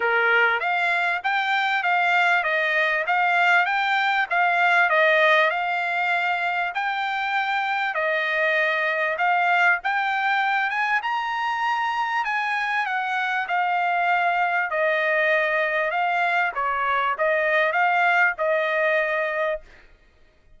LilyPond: \new Staff \with { instrumentName = "trumpet" } { \time 4/4 \tempo 4 = 98 ais'4 f''4 g''4 f''4 | dis''4 f''4 g''4 f''4 | dis''4 f''2 g''4~ | g''4 dis''2 f''4 |
g''4. gis''8 ais''2 | gis''4 fis''4 f''2 | dis''2 f''4 cis''4 | dis''4 f''4 dis''2 | }